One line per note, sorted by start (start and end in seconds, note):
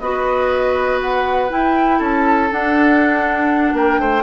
0.00 1.51 B3
0.00 1.49 F#4
0.00 1.99 B4
0.00 1.00 D#5
1.01 1.51 F#5
1.49 2.49 E4
1.49 2.01 E4
1.49 2.01 G5
1.99 2.51 C#4
1.99 3.74 A4
1.99 2.52 A5
2.52 4.22 D4
2.52 3.73 D4
2.52 3.77 F#5
3.73 3.98 A#3
3.73 4.00 A#4
3.73 4.22 G5
3.99 4.22 A3
3.99 4.22 C5